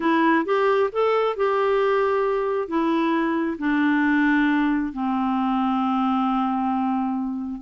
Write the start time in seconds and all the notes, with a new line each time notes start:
0.00 E4
0.45 G4
0.92 A4
1.36 G4
2.67 E4
3.58 D4
4.92 C4